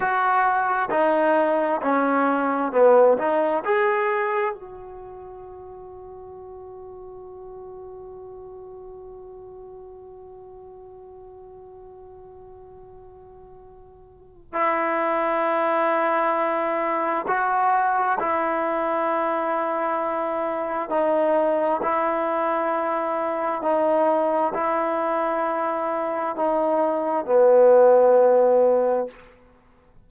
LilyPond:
\new Staff \with { instrumentName = "trombone" } { \time 4/4 \tempo 4 = 66 fis'4 dis'4 cis'4 b8 dis'8 | gis'4 fis'2.~ | fis'1~ | fis'1 |
e'2. fis'4 | e'2. dis'4 | e'2 dis'4 e'4~ | e'4 dis'4 b2 | }